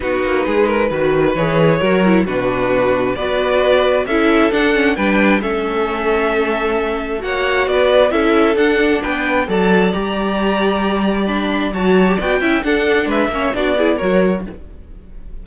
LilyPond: <<
  \new Staff \with { instrumentName = "violin" } { \time 4/4 \tempo 4 = 133 b'2. cis''4~ | cis''4 b'2 d''4~ | d''4 e''4 fis''4 g''4 | e''1 |
fis''4 d''4 e''4 fis''4 | g''4 a''4 ais''2~ | ais''4 b''4 a''4 g''4 | fis''4 e''4 d''4 cis''4 | }
  \new Staff \with { instrumentName = "violin" } { \time 4/4 fis'4 gis'8 ais'8 b'2 | ais'4 fis'2 b'4~ | b'4 a'2 b'4 | a'1 |
cis''4 b'4 a'2 | b'4 d''2.~ | d''2 cis''4 d''8 e''8 | a'4 b'8 cis''8 fis'8 gis'8 ais'4 | }
  \new Staff \with { instrumentName = "viola" } { \time 4/4 dis'2 fis'4 gis'4 | fis'8 e'8 d'2 fis'4~ | fis'4 e'4 d'8 cis'8 d'4 | cis'1 |
fis'2 e'4 d'4~ | d'4 a'4 g'2~ | g'4 d'4 fis'8. g'16 fis'8 e'8 | d'4. cis'8 d'8 e'8 fis'4 | }
  \new Staff \with { instrumentName = "cello" } { \time 4/4 b8 ais8 gis4 dis4 e4 | fis4 b,2 b4~ | b4 cis'4 d'4 g4 | a1 |
ais4 b4 cis'4 d'4 | b4 fis4 g2~ | g2 fis4 b8 cis'8 | d'4 gis8 ais8 b4 fis4 | }
>>